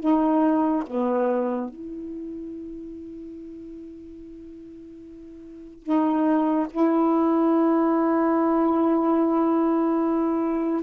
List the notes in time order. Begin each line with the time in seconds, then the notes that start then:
0.00 D#4
0.87 B3
1.69 E4
5.83 D#4
6.70 E4